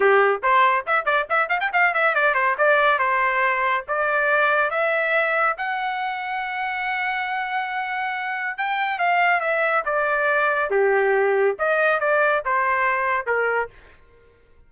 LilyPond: \new Staff \with { instrumentName = "trumpet" } { \time 4/4 \tempo 4 = 140 g'4 c''4 e''8 d''8 e''8 f''16 g''16 | f''8 e''8 d''8 c''8 d''4 c''4~ | c''4 d''2 e''4~ | e''4 fis''2.~ |
fis''1 | g''4 f''4 e''4 d''4~ | d''4 g'2 dis''4 | d''4 c''2 ais'4 | }